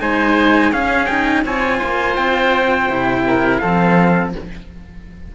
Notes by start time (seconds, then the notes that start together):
0.00 G#3 D#4 C5 G#5
0.72 C#4 G#4 F5
1.06 D#4 G5
1.45 C4 F4 C#5 G#5
1.77 A#3 C5
2.16 C4 G5
2.89 C3 E4
3.27 A#4
3.58 F3 C4 A4 F5